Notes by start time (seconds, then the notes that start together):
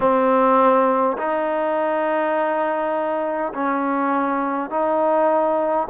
0.00 C4
1.17 D#4
3.53 C#4
4.70 D#4